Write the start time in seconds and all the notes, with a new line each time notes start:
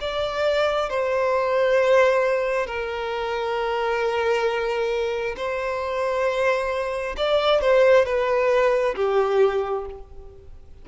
0.00 D5
0.89 C5
2.66 A#4
5.36 C5
7.16 D5
7.61 C5
8.05 B4
8.96 G4